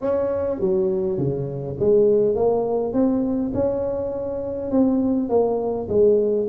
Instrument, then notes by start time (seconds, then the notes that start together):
tuba
0.01 C#4
0.60 F#3
1.18 C#3
1.79 G#3
2.35 A#3
2.93 C4
3.53 C#4
4.71 C4
5.29 A#3
5.88 G#3